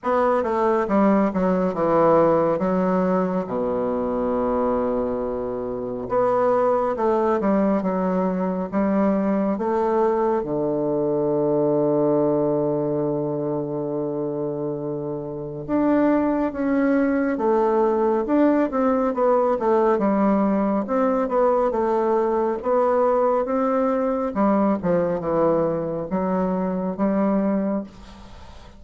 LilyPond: \new Staff \with { instrumentName = "bassoon" } { \time 4/4 \tempo 4 = 69 b8 a8 g8 fis8 e4 fis4 | b,2. b4 | a8 g8 fis4 g4 a4 | d1~ |
d2 d'4 cis'4 | a4 d'8 c'8 b8 a8 g4 | c'8 b8 a4 b4 c'4 | g8 f8 e4 fis4 g4 | }